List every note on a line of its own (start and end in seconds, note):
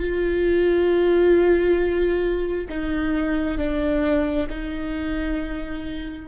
0.00 2.69 F4
2.69 3.59 D#4
3.59 4.48 D4
4.50 6.28 D#4